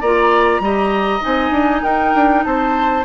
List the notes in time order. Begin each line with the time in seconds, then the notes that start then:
0.00 A#3 F4 D5 A#5
0.59 G3 G4 D#5
1.20 C4 D#4 G#5
1.50 D4
1.82 D#4 A#4 G5
2.14 D4
2.44 C4 C5 A5